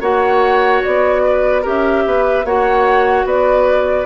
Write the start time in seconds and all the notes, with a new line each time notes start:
0.00 A#3 F#4 C#5 F#5
0.83 B3 D5
1.24 B4
1.62 C#4 G4 A#4 E5
2.05 B3 B4
2.44 A#3 F#4 C#5 F#5
3.24 B3 B4 D5